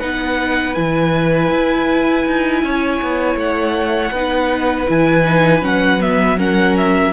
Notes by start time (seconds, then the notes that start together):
0.00 B3 D#4 B4 F#5
0.75 E3 E4 G#5
1.51 E4
2.27 D#4
2.63 C#4 C#5
3.03 B3
3.36 A3 F#5
4.12 B3 D#4 B4
4.87 E3 E4 G#5
5.26 D#4
5.62 F#3 C#4 F#5
6.01 B3 E5
6.38 C#4 A#4 F#5
6.78 E5